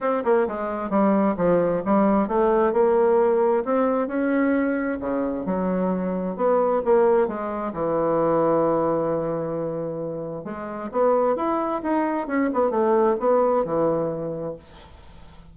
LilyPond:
\new Staff \with { instrumentName = "bassoon" } { \time 4/4 \tempo 4 = 132 c'8 ais8 gis4 g4 f4 | g4 a4 ais2 | c'4 cis'2 cis4 | fis2 b4 ais4 |
gis4 e2.~ | e2. gis4 | b4 e'4 dis'4 cis'8 b8 | a4 b4 e2 | }